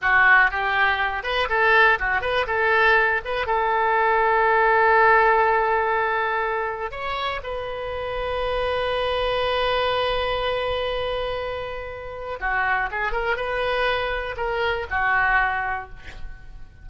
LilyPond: \new Staff \with { instrumentName = "oboe" } { \time 4/4 \tempo 4 = 121 fis'4 g'4. b'8 a'4 | fis'8 b'8 a'4. b'8 a'4~ | a'1~ | a'2 cis''4 b'4~ |
b'1~ | b'1~ | b'4 fis'4 gis'8 ais'8 b'4~ | b'4 ais'4 fis'2 | }